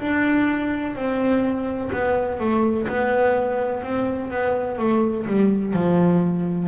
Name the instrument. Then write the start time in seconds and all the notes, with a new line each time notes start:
double bass
0.00 D4
0.96 C4
1.92 B3
2.40 A3
2.88 B3
3.83 C4
4.31 B3
4.78 A3
5.26 G3
5.73 F3